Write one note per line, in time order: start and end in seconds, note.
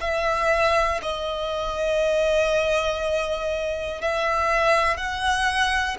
0.00 1.00 E5
1.02 4.01 D#5
4.01 4.96 E5
4.96 5.96 F#5